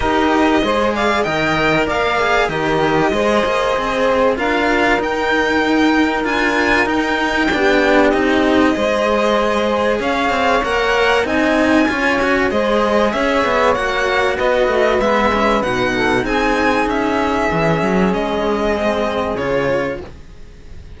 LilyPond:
<<
  \new Staff \with { instrumentName = "violin" } { \time 4/4 \tempo 4 = 96 dis''4. f''8 g''4 f''4 | dis''2. f''4 | g''2 gis''4 g''4~ | g''4 dis''2. |
f''4 fis''4 gis''2 | dis''4 e''4 fis''4 dis''4 | e''4 fis''4 gis''4 e''4~ | e''4 dis''2 cis''4 | }
  \new Staff \with { instrumentName = "saxophone" } { \time 4/4 ais'4 c''8 d''8 dis''4 d''4 | ais'4 c''2 ais'4~ | ais'1 | g'2 c''2 |
cis''2 dis''4 cis''4 | c''4 cis''2 b'4~ | b'4. a'8 gis'2~ | gis'1 | }
  \new Staff \with { instrumentName = "cello" } { \time 4/4 g'4 gis'4 ais'4. gis'8 | g'4 gis'2 f'4 | dis'2 f'4 dis'4 | d'4 dis'4 gis'2~ |
gis'4 ais'4 dis'4 f'8 fis'8 | gis'2 fis'2 | b8 cis'8 dis'2. | cis'2 c'4 f'4 | }
  \new Staff \with { instrumentName = "cello" } { \time 4/4 dis'4 gis4 dis4 ais4 | dis4 gis8 ais8 c'4 d'4 | dis'2 d'4 dis'4 | b4 c'4 gis2 |
cis'8 c'8 ais4 c'4 cis'4 | gis4 cis'8 b8 ais4 b8 a8 | gis4 b,4 c'4 cis'4 | e8 fis8 gis2 cis4 | }
>>